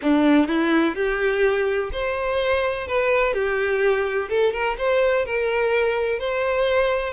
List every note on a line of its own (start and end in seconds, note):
0.02 0.48 D4
0.48 0.95 E4
0.95 1.90 G4
1.92 2.87 C5
2.87 3.33 B4
3.33 4.28 G4
4.29 4.52 A4
4.52 4.76 A#4
4.77 5.25 C5
5.25 6.19 A#4
6.19 7.13 C5